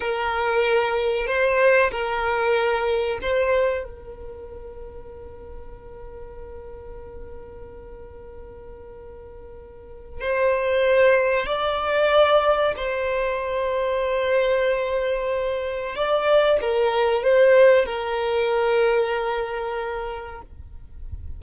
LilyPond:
\new Staff \with { instrumentName = "violin" } { \time 4/4 \tempo 4 = 94 ais'2 c''4 ais'4~ | ais'4 c''4 ais'2~ | ais'1~ | ais'1 |
c''2 d''2 | c''1~ | c''4 d''4 ais'4 c''4 | ais'1 | }